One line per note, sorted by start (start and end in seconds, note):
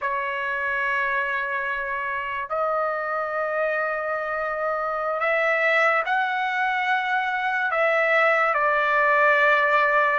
0.01 2.48 C#5
2.48 5.19 D#5
5.19 6.03 E5
6.05 7.71 F#5
7.71 8.54 E5
8.54 10.19 D5